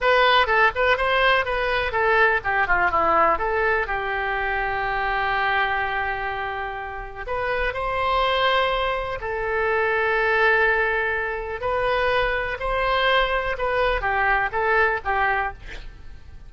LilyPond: \new Staff \with { instrumentName = "oboe" } { \time 4/4 \tempo 4 = 124 b'4 a'8 b'8 c''4 b'4 | a'4 g'8 f'8 e'4 a'4 | g'1~ | g'2. b'4 |
c''2. a'4~ | a'1 | b'2 c''2 | b'4 g'4 a'4 g'4 | }